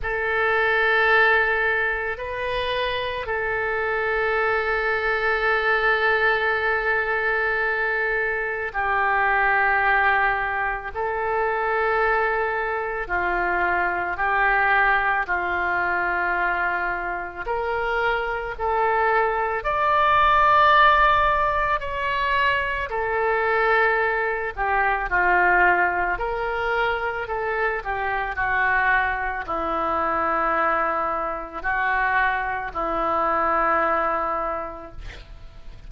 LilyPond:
\new Staff \with { instrumentName = "oboe" } { \time 4/4 \tempo 4 = 55 a'2 b'4 a'4~ | a'1 | g'2 a'2 | f'4 g'4 f'2 |
ais'4 a'4 d''2 | cis''4 a'4. g'8 f'4 | ais'4 a'8 g'8 fis'4 e'4~ | e'4 fis'4 e'2 | }